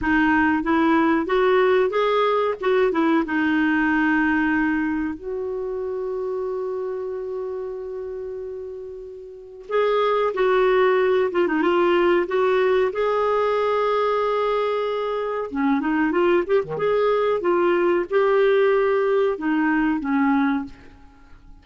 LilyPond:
\new Staff \with { instrumentName = "clarinet" } { \time 4/4 \tempo 4 = 93 dis'4 e'4 fis'4 gis'4 | fis'8 e'8 dis'2. | fis'1~ | fis'2. gis'4 |
fis'4. f'16 dis'16 f'4 fis'4 | gis'1 | cis'8 dis'8 f'8 g'16 dis16 gis'4 f'4 | g'2 dis'4 cis'4 | }